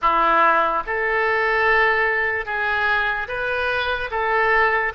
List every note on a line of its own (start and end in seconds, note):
0.01 0.83 E4
0.86 2.45 A4
2.45 3.27 G#4
3.28 4.10 B4
4.10 4.92 A4